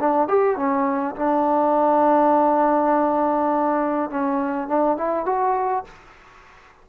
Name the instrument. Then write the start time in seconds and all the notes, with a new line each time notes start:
trombone
0.00 D4
0.29 G4
0.57 C#4
1.16 D4
4.11 C#4
4.68 D4
4.98 E4
5.26 F#4